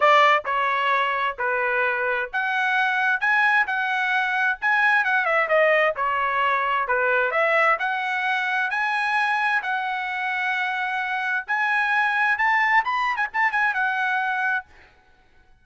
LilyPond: \new Staff \with { instrumentName = "trumpet" } { \time 4/4 \tempo 4 = 131 d''4 cis''2 b'4~ | b'4 fis''2 gis''4 | fis''2 gis''4 fis''8 e''8 | dis''4 cis''2 b'4 |
e''4 fis''2 gis''4~ | gis''4 fis''2.~ | fis''4 gis''2 a''4 | b''8. gis''16 a''8 gis''8 fis''2 | }